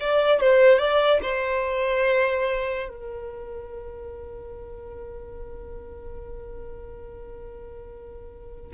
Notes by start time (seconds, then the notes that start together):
0.00 D5
0.40 C5
0.78 D5
1.22 C5
2.89 A#4